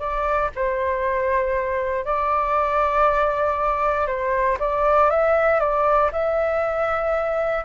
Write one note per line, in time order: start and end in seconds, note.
0.00 0.51 D5
0.56 2.05 C5
2.05 4.07 D5
4.07 4.58 C5
4.60 5.11 D5
5.11 5.60 E5
5.60 6.11 D5
6.12 7.65 E5